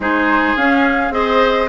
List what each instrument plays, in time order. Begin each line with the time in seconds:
0.00 bassoon G#3, clarinet D#4, oboe G#4, flute C5
0.56 bassoon C#4, clarinet C#4, flute F5
1.10 bassoon C4, clarinet G#4, oboe C5, flute D#5